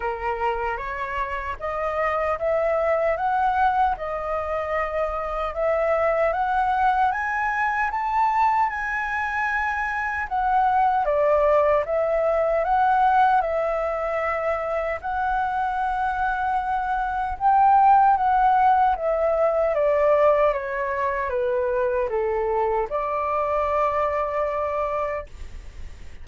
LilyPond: \new Staff \with { instrumentName = "flute" } { \time 4/4 \tempo 4 = 76 ais'4 cis''4 dis''4 e''4 | fis''4 dis''2 e''4 | fis''4 gis''4 a''4 gis''4~ | gis''4 fis''4 d''4 e''4 |
fis''4 e''2 fis''4~ | fis''2 g''4 fis''4 | e''4 d''4 cis''4 b'4 | a'4 d''2. | }